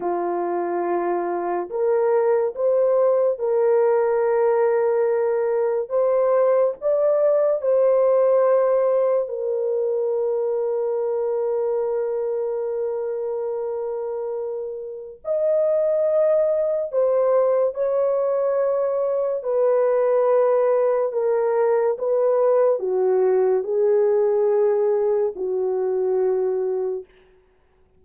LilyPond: \new Staff \with { instrumentName = "horn" } { \time 4/4 \tempo 4 = 71 f'2 ais'4 c''4 | ais'2. c''4 | d''4 c''2 ais'4~ | ais'1~ |
ais'2 dis''2 | c''4 cis''2 b'4~ | b'4 ais'4 b'4 fis'4 | gis'2 fis'2 | }